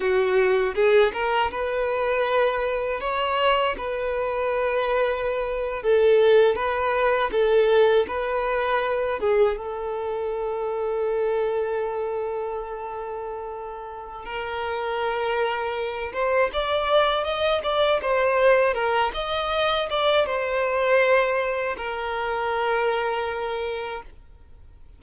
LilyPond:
\new Staff \with { instrumentName = "violin" } { \time 4/4 \tempo 4 = 80 fis'4 gis'8 ais'8 b'2 | cis''4 b'2~ b'8. a'16~ | a'8. b'4 a'4 b'4~ b'16~ | b'16 gis'8 a'2.~ a'16~ |
a'2. ais'4~ | ais'4. c''8 d''4 dis''8 d''8 | c''4 ais'8 dis''4 d''8 c''4~ | c''4 ais'2. | }